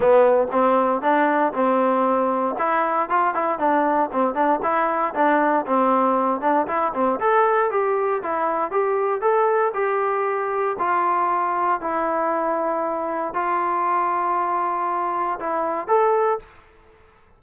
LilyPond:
\new Staff \with { instrumentName = "trombone" } { \time 4/4 \tempo 4 = 117 b4 c'4 d'4 c'4~ | c'4 e'4 f'8 e'8 d'4 | c'8 d'8 e'4 d'4 c'4~ | c'8 d'8 e'8 c'8 a'4 g'4 |
e'4 g'4 a'4 g'4~ | g'4 f'2 e'4~ | e'2 f'2~ | f'2 e'4 a'4 | }